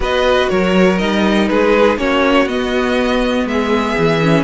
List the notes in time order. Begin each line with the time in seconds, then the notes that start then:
0.00 B3 F#4 B4 D#5
0.49 F#3 A#4 C#5
0.98 G3 D#4 D#5
1.48 G#3 G#4 B4
1.96 A#3 C#4 F#4 C#5
2.45 B3 D#5
3.45 G#3 E5
3.52 G#4
3.97 E3
4.23 C#4